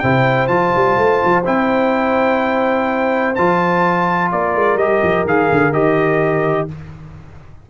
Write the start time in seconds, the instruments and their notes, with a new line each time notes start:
0.00 tuba C3, trombone E4, horn C5, trumpet G5
0.48 tuba F3, trombone F4, trumpet A5
0.76 tuba G3
0.98 tuba A3
1.25 tuba F3
1.46 tuba C4, trombone E4, trumpet G5
3.36 tuba F3, trombone F4, trumpet A5
4.32 tuba A#3, horn A#4, trumpet D5
4.55 tuba G#3
4.76 tuba G3, trombone G4, trumpet D#5
5.03 tuba F3
5.25 tuba D#3, trombone G#4, trumpet F5
5.52 tuba D3
5.73 tuba D#3, trombone G4, trumpet D#5